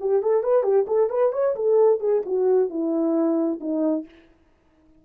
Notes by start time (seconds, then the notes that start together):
0.00 G4
0.23 A4
0.43 B4
0.63 G4
0.88 A4
1.10 B4
1.33 C#5
1.56 A4
2.00 G#4
2.26 F#4
2.70 E4
3.60 D#4